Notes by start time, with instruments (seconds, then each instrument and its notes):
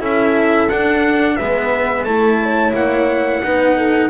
0.00 double bass C#4, cello E4, horn A4, trumpet E5
0.69 double bass D4, cello D4, trumpet F#5
1.37 double bass G#3, cello B3, horn B4, trumpet E5
2.05 double bass A3, cello E4, horn A4, trumpet A5
2.43 horn C#5
2.74 double bass A#3, trumpet F#5
3.43 double bass B3, cello D#4, horn B4
3.77 horn A4